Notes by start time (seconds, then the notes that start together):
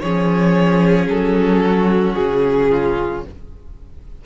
0.00 F3 C#4 G#4 C#5
1.08 F#3 A4
1.66 F#4
2.14 C#3 G#4
2.71 F4